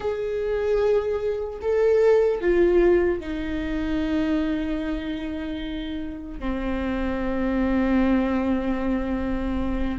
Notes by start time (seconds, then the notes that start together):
0.00 G#4
1.61 A4
2.40 F4
3.20 D#4
6.39 C4